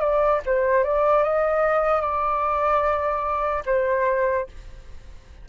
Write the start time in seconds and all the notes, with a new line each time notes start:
0.00 D5
0.46 C5
0.83 D5
1.23 D#5
2.01 D5
3.66 C5